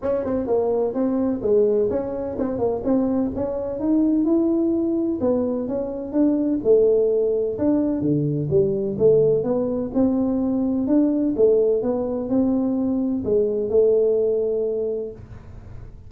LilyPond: \new Staff \with { instrumentName = "tuba" } { \time 4/4 \tempo 4 = 127 cis'8 c'8 ais4 c'4 gis4 | cis'4 c'8 ais8 c'4 cis'4 | dis'4 e'2 b4 | cis'4 d'4 a2 |
d'4 d4 g4 a4 | b4 c'2 d'4 | a4 b4 c'2 | gis4 a2. | }